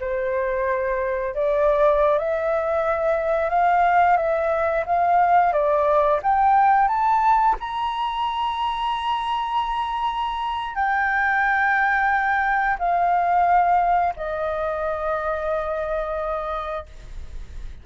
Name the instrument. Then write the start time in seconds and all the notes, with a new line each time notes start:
flute
0.00 C5
1.35 D5
2.18 E5
3.50 F5
4.17 E5
4.86 F5
5.53 D5
6.23 G5
6.88 A5
7.60 A#5
10.75 G5
12.79 F5
14.16 D#5